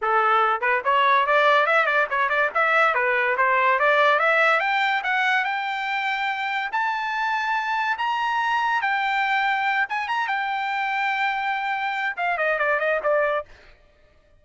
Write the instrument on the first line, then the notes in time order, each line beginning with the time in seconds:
trumpet
0.01 A4
0.60 B4
0.84 C#5
1.26 D5
1.66 E5
1.85 D5
2.10 C#5
2.29 D5
2.54 E5
2.94 B4
3.37 C5
3.79 D5
4.19 E5
4.59 G5
5.03 F#5
5.44 G5
6.72 A5
7.98 A#5
8.81 G5
9.89 G#5
10.08 A#5
10.27 G5
12.16 F5
12.37 D#5
12.59 D5
12.79 D#5
13.03 D5